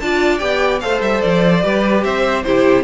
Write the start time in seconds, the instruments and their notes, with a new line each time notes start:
0.00 cello D4, viola F4, violin D5 A5
0.38 cello B3, viola G4, violin G5
0.81 cello A3, viola A4, violin C5 F5
1.01 cello G3, violin E5
1.21 cello F3, violin D5
1.63 cello G3, viola G4, violin B4
2.04 cello C4, violin C5 E5
2.43 cello C3, viola E4, violin G4 C5